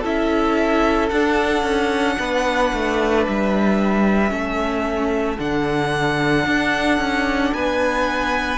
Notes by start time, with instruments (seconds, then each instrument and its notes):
0.00 cello C#4, viola E4, violin A4 E5
1.09 cello D4, viola D4, violin F#5
1.63 cello C#4
2.19 cello B3, violin B4
2.73 cello A3
3.27 cello G3, violin E5
4.28 cello A3, viola C#4, violin A4
5.38 cello D3, viola D4, violin F#5
6.46 cello D4
6.98 cello C#4
7.54 cello B3, violin B4 G#5